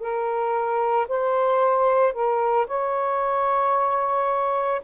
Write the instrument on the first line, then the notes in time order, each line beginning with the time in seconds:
saxophone
0.00 A#4
1.08 C5
2.13 A#4
2.67 C#5